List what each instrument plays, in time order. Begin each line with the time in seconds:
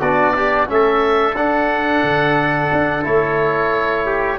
0.00 tuba B3, trombone D4, trumpet F#4, oboe D5
0.34 trumpet D4, trombone G4
0.68 tuba A3, trombone C#4, trumpet A4, oboe E5
1.36 tuba D4, trombone D4, oboe F#5
2.04 tuba D3
2.73 tuba D4
3.03 tuba A3, trombone E4, oboe C#5
4.06 trumpet G4